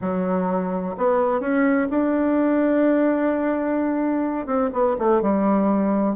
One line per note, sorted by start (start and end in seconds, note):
0.01 0.96 F#3
0.97 1.40 B3
1.40 1.87 C#4
1.90 4.46 D4
4.46 4.70 C4
4.72 4.96 B3
4.98 5.21 A3
5.21 6.15 G3